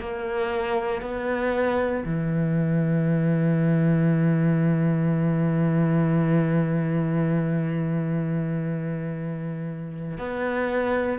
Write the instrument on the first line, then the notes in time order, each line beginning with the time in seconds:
cello
0.00 A#3
1.02 B3
2.05 E3
10.18 B3